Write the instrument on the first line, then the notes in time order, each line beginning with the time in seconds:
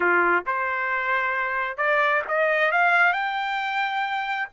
trumpet
0.00 F4
0.46 C5
1.77 D5
2.27 D#5
2.71 F5
3.13 G5